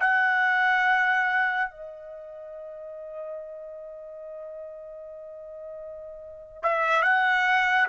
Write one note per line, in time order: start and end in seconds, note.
0.00 1.71 F#5
1.71 6.63 D#5
6.63 7.02 E5
7.02 7.88 F#5